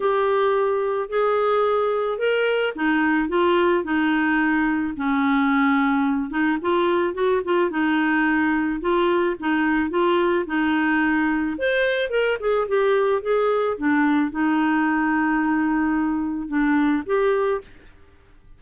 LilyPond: \new Staff \with { instrumentName = "clarinet" } { \time 4/4 \tempo 4 = 109 g'2 gis'2 | ais'4 dis'4 f'4 dis'4~ | dis'4 cis'2~ cis'8 dis'8 | f'4 fis'8 f'8 dis'2 |
f'4 dis'4 f'4 dis'4~ | dis'4 c''4 ais'8 gis'8 g'4 | gis'4 d'4 dis'2~ | dis'2 d'4 g'4 | }